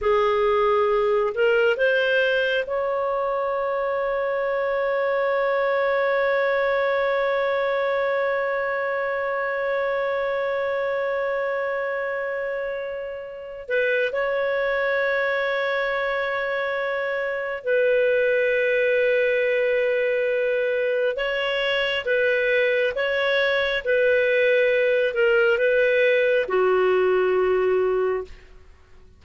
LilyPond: \new Staff \with { instrumentName = "clarinet" } { \time 4/4 \tempo 4 = 68 gis'4. ais'8 c''4 cis''4~ | cis''1~ | cis''1~ | cis''2.~ cis''8 b'8 |
cis''1 | b'1 | cis''4 b'4 cis''4 b'4~ | b'8 ais'8 b'4 fis'2 | }